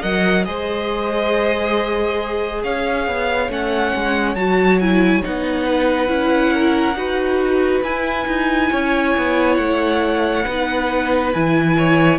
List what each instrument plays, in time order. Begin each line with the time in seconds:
0.00 cello F#3, viola A#4, violin D#5 F#5
0.44 cello G#3, viola G#4, violin C5 D#5
2.63 cello C#4, violin C#5 F5
3.07 cello B3
3.48 cello A3, viola C#4, violin F#5
3.95 cello G#3
4.35 cello F#3, viola F#4, violin A5
4.79 viola E4, violin G#5
5.22 cello B3, viola D#4, violin F#5
5.66 violin B4
6.07 cello C#4, viola E4
6.53 violin A#4
6.95 cello D#4, viola F#4, violin B4
7.83 cello E4, viola E4, violin G#5
8.26 cello D#4
8.71 cello C#4, violin C#5
9.17 cello B3
9.55 cello A3, violin F#5
10.45 cello B3, viola D#4, violin B4
11.32 cello E3, viola E4, violin G#5
11.78 violin C#5